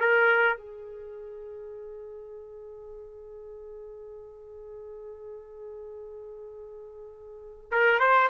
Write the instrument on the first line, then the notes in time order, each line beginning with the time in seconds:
trumpet
0.00 A#4
0.58 G#4
7.72 A#4
8.00 C5